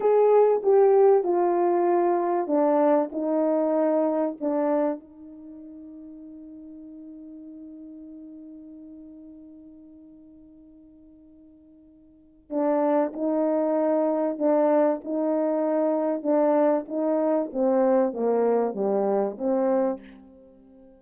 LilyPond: \new Staff \with { instrumentName = "horn" } { \time 4/4 \tempo 4 = 96 gis'4 g'4 f'2 | d'4 dis'2 d'4 | dis'1~ | dis'1~ |
dis'1 | d'4 dis'2 d'4 | dis'2 d'4 dis'4 | c'4 ais4 g4 c'4 | }